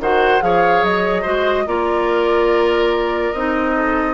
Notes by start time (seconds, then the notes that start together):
0.00 D#3 F#4 C5 F#5
0.41 F3 G#4 C#5 F5
0.83 F#3 D#5
1.22 G#3 F#4 C5
1.66 A#3 F4 A#4 D5
3.33 C4 D#4 D#5
3.76 A4